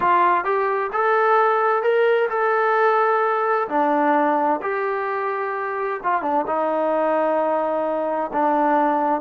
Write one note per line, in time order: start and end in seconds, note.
0.00 0.44 F4
0.44 0.90 G4
0.92 1.82 A4
1.82 2.28 A#4
2.29 3.68 A4
3.68 4.60 D4
4.62 6.00 G4
6.03 6.21 F4
6.21 6.44 D4
6.46 8.31 D#4
8.32 9.21 D4